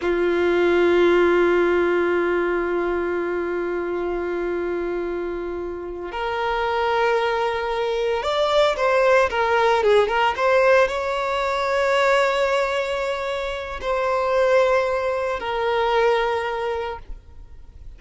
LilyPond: \new Staff \with { instrumentName = "violin" } { \time 4/4 \tempo 4 = 113 f'1~ | f'1~ | f'2.~ f'8 ais'8~ | ais'2.~ ais'8 d''8~ |
d''8 c''4 ais'4 gis'8 ais'8 c''8~ | c''8 cis''2.~ cis''8~ | cis''2 c''2~ | c''4 ais'2. | }